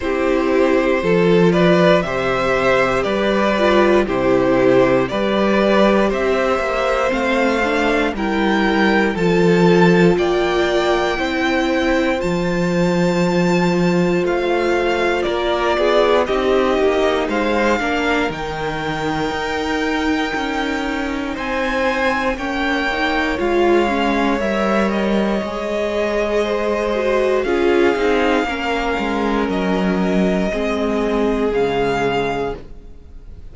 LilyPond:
<<
  \new Staff \with { instrumentName = "violin" } { \time 4/4 \tempo 4 = 59 c''4. d''8 e''4 d''4 | c''4 d''4 e''4 f''4 | g''4 a''4 g''2 | a''2 f''4 d''4 |
dis''4 f''4 g''2~ | g''4 gis''4 g''4 f''4 | e''8 dis''2~ dis''8 f''4~ | f''4 dis''2 f''4 | }
  \new Staff \with { instrumentName = "violin" } { \time 4/4 g'4 a'8 b'8 c''4 b'4 | g'4 b'4 c''2 | ais'4 a'4 d''4 c''4~ | c''2. ais'8 gis'8 |
g'4 c''8 ais'2~ ais'8~ | ais'4 c''4 cis''2~ | cis''2 c''4 gis'4 | ais'2 gis'2 | }
  \new Staff \with { instrumentName = "viola" } { \time 4/4 e'4 f'4 g'4. f'8 | e'4 g'2 c'8 d'8 | e'4 f'2 e'4 | f'1 |
dis'4. d'8 dis'2~ | dis'2 cis'8 dis'8 f'8 cis'8 | ais'4 gis'4. fis'8 f'8 dis'8 | cis'2 c'4 gis4 | }
  \new Staff \with { instrumentName = "cello" } { \time 4/4 c'4 f4 c4 g4 | c4 g4 c'8 ais8 a4 | g4 f4 ais4 c'4 | f2 a4 ais8 b8 |
c'8 ais8 gis8 ais8 dis4 dis'4 | cis'4 c'4 ais4 gis4 | g4 gis2 cis'8 c'8 | ais8 gis8 fis4 gis4 cis4 | }
>>